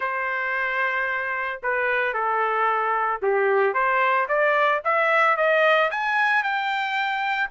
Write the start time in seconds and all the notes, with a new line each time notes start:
0.00 C5
1.62 B4
2.13 A4
3.21 G4
3.73 C5
4.28 D5
4.84 E5
5.36 D#5
5.91 G#5
6.43 G5